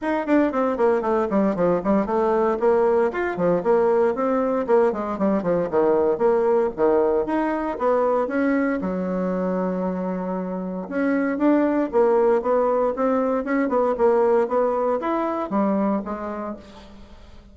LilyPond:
\new Staff \with { instrumentName = "bassoon" } { \time 4/4 \tempo 4 = 116 dis'8 d'8 c'8 ais8 a8 g8 f8 g8 | a4 ais4 f'8 f8 ais4 | c'4 ais8 gis8 g8 f8 dis4 | ais4 dis4 dis'4 b4 |
cis'4 fis2.~ | fis4 cis'4 d'4 ais4 | b4 c'4 cis'8 b8 ais4 | b4 e'4 g4 gis4 | }